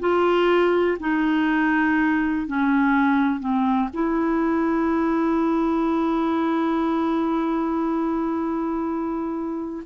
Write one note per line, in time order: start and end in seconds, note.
0.00 0.98 F4
1.00 2.48 D#4
2.48 3.40 C#4
3.40 3.89 C4
3.93 9.84 E4